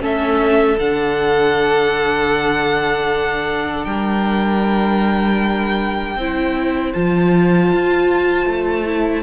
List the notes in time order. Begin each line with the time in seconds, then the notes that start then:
0.00 A3 C#4 A4 E5
0.79 D3 D4 F#5
3.85 G3 A#4 G5
6.17 C4 E4 C5
6.94 F3 F4 A5
7.73 F4
8.46 A3
8.86 E4